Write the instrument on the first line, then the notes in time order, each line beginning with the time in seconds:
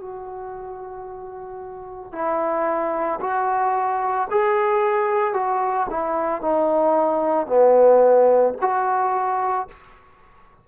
trombone
0.00 F#4
2.12 E4
3.20 F#4
4.31 G#4
5.33 F#4
5.89 E4
6.41 D#4
7.47 B3
8.61 F#4